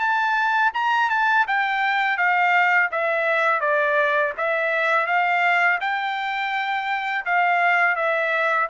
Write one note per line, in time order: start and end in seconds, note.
0.00 0.72 A5
0.74 1.10 A#5
1.10 1.46 A5
1.48 2.18 G5
2.18 2.90 F5
2.92 3.61 E5
3.61 4.33 D5
4.38 5.07 E5
5.07 5.79 F5
5.81 7.26 G5
7.26 7.96 F5
7.96 8.68 E5